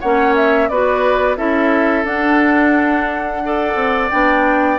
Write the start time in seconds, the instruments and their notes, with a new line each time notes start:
0.00 bassoon A#3, clarinet C#4, oboe C#5, flute F#5
0.35 flute E5
0.68 bassoon B3, clarinet F#4, oboe B4, flute D5
1.36 bassoon C#4, clarinet E4, oboe A4, flute E5
2.04 bassoon D4, clarinet D4, flute F#5
3.44 clarinet A4, oboe D5
3.74 bassoon C4
4.10 bassoon B3, clarinet D4, flute G5